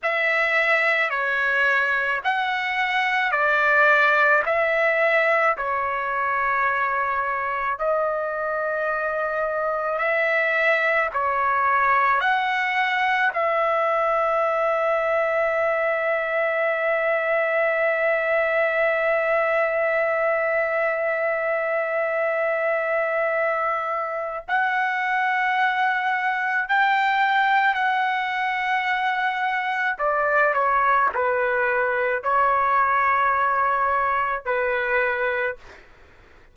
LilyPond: \new Staff \with { instrumentName = "trumpet" } { \time 4/4 \tempo 4 = 54 e''4 cis''4 fis''4 d''4 | e''4 cis''2 dis''4~ | dis''4 e''4 cis''4 fis''4 | e''1~ |
e''1~ | e''2 fis''2 | g''4 fis''2 d''8 cis''8 | b'4 cis''2 b'4 | }